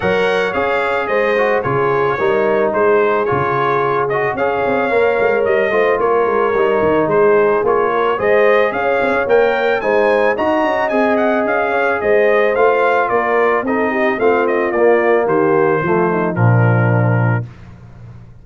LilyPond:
<<
  \new Staff \with { instrumentName = "trumpet" } { \time 4/4 \tempo 4 = 110 fis''4 f''4 dis''4 cis''4~ | cis''4 c''4 cis''4. dis''8 | f''2 dis''4 cis''4~ | cis''4 c''4 cis''4 dis''4 |
f''4 g''4 gis''4 ais''4 | gis''8 fis''8 f''4 dis''4 f''4 | d''4 dis''4 f''8 dis''8 d''4 | c''2 ais'2 | }
  \new Staff \with { instrumentName = "horn" } { \time 4/4 cis''2 c''4 gis'4 | ais'4 gis'2. | cis''2~ cis''8 c''8 ais'4~ | ais'4 gis'4. ais'8 c''4 |
cis''2 c''4 dis''4~ | dis''4. cis''8 c''2 | ais'4 a'8 g'8 f'2 | g'4 f'8 dis'8 d'2 | }
  \new Staff \with { instrumentName = "trombone" } { \time 4/4 ais'4 gis'4. fis'8 f'4 | dis'2 f'4. fis'8 | gis'4 ais'4. f'4. | dis'2 f'4 gis'4~ |
gis'4 ais'4 dis'4 fis'4 | gis'2. f'4~ | f'4 dis'4 c'4 ais4~ | ais4 a4 f2 | }
  \new Staff \with { instrumentName = "tuba" } { \time 4/4 fis4 cis'4 gis4 cis4 | g4 gis4 cis2 | cis'8 c'8 ais8 gis8 g8 a8 ais8 gis8 | g8 dis8 gis4 ais4 gis4 |
cis'8 c'16 cis'16 ais4 gis4 dis'8 cis'8 | c'4 cis'4 gis4 a4 | ais4 c'4 a4 ais4 | dis4 f4 ais,2 | }
>>